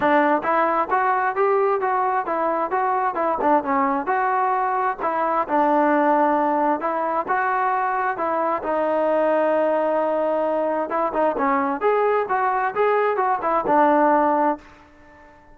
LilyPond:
\new Staff \with { instrumentName = "trombone" } { \time 4/4 \tempo 4 = 132 d'4 e'4 fis'4 g'4 | fis'4 e'4 fis'4 e'8 d'8 | cis'4 fis'2 e'4 | d'2. e'4 |
fis'2 e'4 dis'4~ | dis'1 | e'8 dis'8 cis'4 gis'4 fis'4 | gis'4 fis'8 e'8 d'2 | }